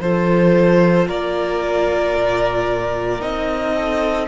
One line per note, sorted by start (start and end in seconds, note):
0.00 1.07 F3
0.00 3.20 F4
0.00 1.08 A4
0.00 1.08 C5
1.08 2.15 A#3
1.08 3.75 A#4
1.08 3.22 D5
2.15 3.21 A#2
3.20 4.28 C4
3.20 4.27 D#4
3.20 4.28 D#5
3.75 4.28 A4